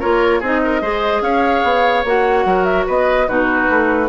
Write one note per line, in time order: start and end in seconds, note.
0.00 0.42 A#3
0.00 0.42 F4
0.00 0.40 A#4
0.00 0.42 C#5
0.40 0.81 C4
0.40 0.82 D#4
0.40 0.60 G#4
0.40 1.23 D#5
0.64 0.82 A#4
0.81 1.22 G#3
0.81 2.04 G#4
0.81 1.22 C5
1.22 1.62 C#4
1.22 2.46 C#5
1.22 2.04 F5
1.64 2.04 B3
2.04 2.45 A#3
2.04 3.28 F#4
2.04 2.64 F#5
2.45 2.86 F#3
2.45 2.86 A#4
2.64 2.85 E5
2.86 3.28 B3
2.86 3.27 B4
2.86 3.28 D#5
3.28 3.69 B2
3.28 4.09 D#4
3.28 4.09 F#4
3.28 4.09 B4
3.69 4.09 A3